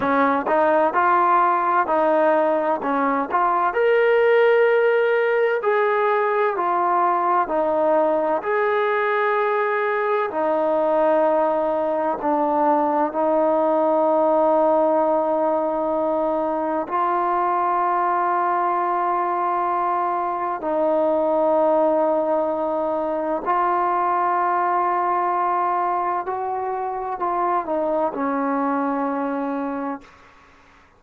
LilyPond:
\new Staff \with { instrumentName = "trombone" } { \time 4/4 \tempo 4 = 64 cis'8 dis'8 f'4 dis'4 cis'8 f'8 | ais'2 gis'4 f'4 | dis'4 gis'2 dis'4~ | dis'4 d'4 dis'2~ |
dis'2 f'2~ | f'2 dis'2~ | dis'4 f'2. | fis'4 f'8 dis'8 cis'2 | }